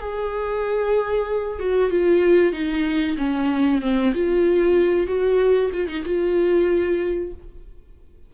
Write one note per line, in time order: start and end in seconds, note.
0.00 1.60 G#4
1.60 1.91 F#4
1.91 2.53 F4
2.53 3.17 D#4
3.18 3.82 C#4
3.82 4.13 C4
4.15 5.07 F4
5.07 5.71 F#4
5.73 5.88 F4
5.88 6.04 D#4
6.05 7.33 F4